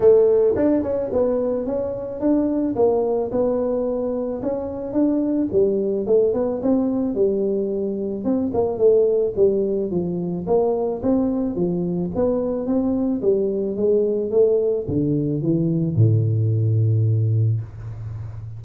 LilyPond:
\new Staff \with { instrumentName = "tuba" } { \time 4/4 \tempo 4 = 109 a4 d'8 cis'8 b4 cis'4 | d'4 ais4 b2 | cis'4 d'4 g4 a8 b8 | c'4 g2 c'8 ais8 |
a4 g4 f4 ais4 | c'4 f4 b4 c'4 | g4 gis4 a4 d4 | e4 a,2. | }